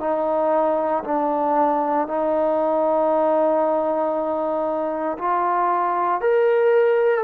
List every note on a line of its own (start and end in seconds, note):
0.00 1.03 D#4
1.04 2.07 D4
2.07 5.18 D#4
5.18 6.21 F4
6.21 7.24 A#4